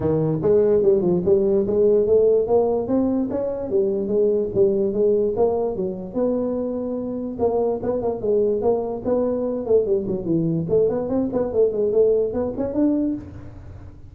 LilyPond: \new Staff \with { instrumentName = "tuba" } { \time 4/4 \tempo 4 = 146 dis4 gis4 g8 f8 g4 | gis4 a4 ais4 c'4 | cis'4 g4 gis4 g4 | gis4 ais4 fis4 b4~ |
b2 ais4 b8 ais8 | gis4 ais4 b4. a8 | g8 fis8 e4 a8 b8 c'8 b8 | a8 gis8 a4 b8 cis'8 d'4 | }